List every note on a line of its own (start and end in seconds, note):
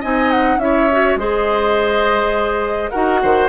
0.00 0.58 C4
0.00 0.60 D#4
0.00 0.58 D#5
0.00 0.31 G#5
0.31 0.59 F#5
0.58 1.16 C#4
0.58 0.89 E4
0.58 1.17 E5
0.64 1.19 C#5
0.92 1.19 F#4
1.16 2.89 G#3
1.16 2.92 G#4
1.16 2.91 C5
1.16 2.91 D#5
2.91 3.23 D#4
2.91 3.49 F#4
2.91 3.20 A#4
2.91 3.48 F#5
3.23 3.49 D#3
3.23 3.49 C5